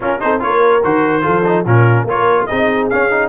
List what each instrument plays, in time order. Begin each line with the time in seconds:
0.00 tuba C#4, trombone C#4, horn F4, trumpet A#4
0.19 tuba C4, trombone D#4, horn A4, trumpet C5
0.39 tuba A#3, trombone F4, horn A#4, trumpet C#5
0.83 tuba D#3, trombone F#4, trumpet C5
1.21 tuba F3, trombone F4, horn A4
1.44 trombone D#4
1.64 tuba A#2, trombone C#4, horn F4, trumpet A#4
2.03 tuba A#3, trombone F4, horn A#4, trumpet C#5
2.46 tuba C4, trombone D#4, horn G#4, trumpet D#5
2.89 trombone C#4, tuba C#4, trumpet F5
3.10 trombone D#4